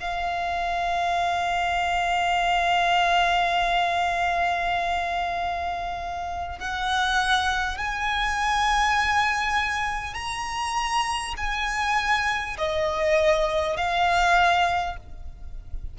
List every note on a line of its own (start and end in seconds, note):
0.00 6.59 F5
6.59 7.77 F#5
7.77 10.14 G#5
10.14 11.34 A#5
11.37 12.57 G#5
12.57 13.76 D#5
13.76 14.96 F5